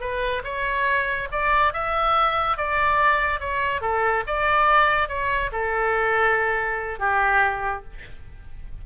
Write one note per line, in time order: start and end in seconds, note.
0.00 0.42 B4
0.44 1.28 C#5
1.31 1.73 D5
1.73 2.57 E5
2.57 3.40 D5
3.40 3.81 C#5
3.81 4.23 A4
4.26 5.08 D5
5.08 5.50 C#5
5.52 6.99 A4
6.99 7.83 G4